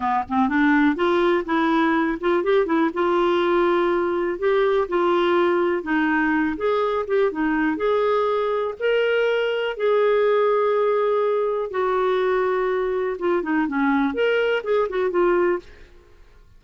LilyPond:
\new Staff \with { instrumentName = "clarinet" } { \time 4/4 \tempo 4 = 123 b8 c'8 d'4 f'4 e'4~ | e'8 f'8 g'8 e'8 f'2~ | f'4 g'4 f'2 | dis'4. gis'4 g'8 dis'4 |
gis'2 ais'2 | gis'1 | fis'2. f'8 dis'8 | cis'4 ais'4 gis'8 fis'8 f'4 | }